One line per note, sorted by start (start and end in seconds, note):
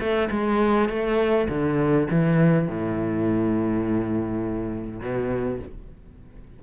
0.00 0.29 A3
0.31 0.89 G#3
0.89 1.48 A3
1.49 2.08 D3
2.11 2.69 E3
2.69 5.01 A2
5.01 5.60 B2